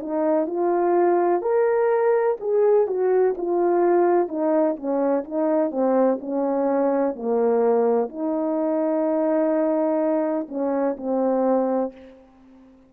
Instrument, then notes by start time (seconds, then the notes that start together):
horn
0.00 D#4
0.47 F4
1.42 A#4
2.40 G#4
2.87 F#4
3.38 F4
4.29 D#4
4.77 C#4
5.25 D#4
5.71 C4
6.21 C#4
7.16 A#3
8.09 D#4
10.49 C#4
10.97 C4